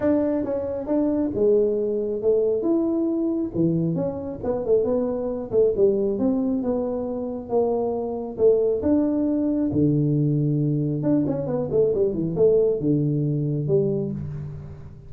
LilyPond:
\new Staff \with { instrumentName = "tuba" } { \time 4/4 \tempo 4 = 136 d'4 cis'4 d'4 gis4~ | gis4 a4 e'2 | e4 cis'4 b8 a8 b4~ | b8 a8 g4 c'4 b4~ |
b4 ais2 a4 | d'2 d2~ | d4 d'8 cis'8 b8 a8 g8 e8 | a4 d2 g4 | }